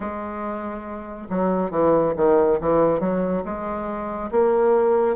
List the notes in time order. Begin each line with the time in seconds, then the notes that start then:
0.00 G#3
1.29 F#3
1.70 E3
2.16 D#3
2.60 E3
3.00 F#3
3.44 G#3
4.31 A#3